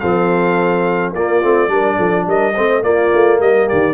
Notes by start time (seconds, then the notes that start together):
0.00 F3 C4 A4 F5
1.13 A#3 F4 D5
1.43 A3 C4
1.69 G3 D4 A#4
1.97 F3 A4
2.27 G3 A#4 D#5
2.55 A3 C4 C5
2.83 A#3 F4 D5
3.13 A3
3.40 G3 A#4 D#5
3.67 D#3 G4 D5